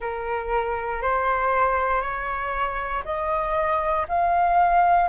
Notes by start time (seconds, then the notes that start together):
0.00 A#4
1.02 C5
2.01 C#5
3.05 D#5
4.08 F5